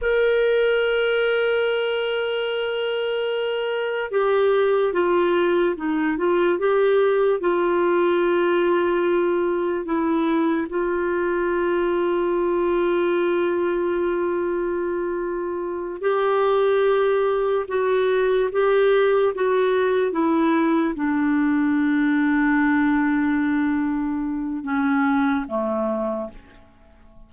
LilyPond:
\new Staff \with { instrumentName = "clarinet" } { \time 4/4 \tempo 4 = 73 ais'1~ | ais'4 g'4 f'4 dis'8 f'8 | g'4 f'2. | e'4 f'2.~ |
f'2.~ f'8 g'8~ | g'4. fis'4 g'4 fis'8~ | fis'8 e'4 d'2~ d'8~ | d'2 cis'4 a4 | }